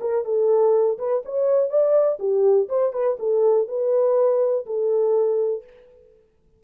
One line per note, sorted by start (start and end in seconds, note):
0.00 0.24 A#4
0.24 0.98 A4
0.98 1.22 B4
1.25 1.69 C#5
1.69 2.18 D5
2.19 2.68 G4
2.68 2.92 C5
2.92 3.17 B4
3.19 3.68 A4
3.68 4.65 B4
4.66 5.63 A4